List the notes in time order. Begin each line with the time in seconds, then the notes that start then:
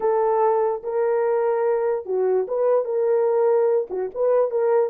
0.00 A4
0.83 A#4
2.05 F#4
2.47 B4
2.84 A#4
3.89 F#4
4.14 B4
4.50 A#4